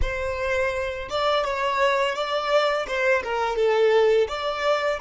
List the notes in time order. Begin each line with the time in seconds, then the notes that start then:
0.01 C5
1.09 D5
1.44 C#5
2.15 D5
2.87 C5
3.23 A#4
3.56 A4
4.28 D5